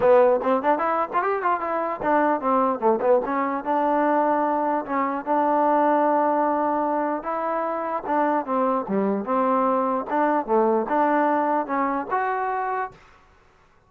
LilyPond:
\new Staff \with { instrumentName = "trombone" } { \time 4/4 \tempo 4 = 149 b4 c'8 d'8 e'8. f'16 g'8 f'8 | e'4 d'4 c'4 a8 b8 | cis'4 d'2. | cis'4 d'2.~ |
d'2 e'2 | d'4 c'4 g4 c'4~ | c'4 d'4 a4 d'4~ | d'4 cis'4 fis'2 | }